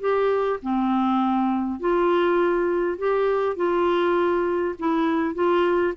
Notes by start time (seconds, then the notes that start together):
0.00 G4
0.62 C4
1.80 F4
2.98 G4
3.56 F4
4.78 E4
5.34 F4